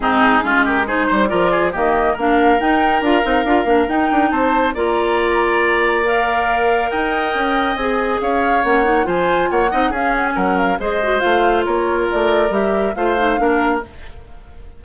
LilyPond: <<
  \new Staff \with { instrumentName = "flute" } { \time 4/4 \tempo 4 = 139 gis'4. ais'8 c''4 d''4 | dis''4 f''4 g''4 f''4~ | f''4 g''4 a''4 ais''4~ | ais''2 f''2 |
g''2 gis''4 f''4 | fis''4 gis''4 fis''4 f''8 fis''16 gis''16 | fis''8 f''8 dis''4 f''4 cis''4 | d''4 e''4 f''2 | }
  \new Staff \with { instrumentName = "oboe" } { \time 4/4 dis'4 f'8 g'8 gis'8 c''8 ais'8 gis'8 | g'4 ais'2.~ | ais'2 c''4 d''4~ | d''1 |
dis''2. cis''4~ | cis''4 c''4 cis''8 dis''8 gis'4 | ais'4 c''2 ais'4~ | ais'2 c''4 ais'4 | }
  \new Staff \with { instrumentName = "clarinet" } { \time 4/4 c'4 cis'4 dis'4 f'4 | ais4 d'4 dis'4 f'8 dis'8 | f'8 d'8 dis'2 f'4~ | f'2 ais'2~ |
ais'2 gis'2 | cis'8 dis'8 f'4. dis'8 cis'4~ | cis'4 gis'8 fis'8 f'2~ | f'4 g'4 f'8 dis'8 d'4 | }
  \new Staff \with { instrumentName = "bassoon" } { \time 4/4 gis,4 gis4. g8 f4 | dis4 ais4 dis'4 d'8 c'8 | d'8 ais8 dis'8 d'8 c'4 ais4~ | ais1 |
dis'4 cis'4 c'4 cis'4 | ais4 f4 ais8 c'8 cis'4 | fis4 gis4 a4 ais4 | a4 g4 a4 ais4 | }
>>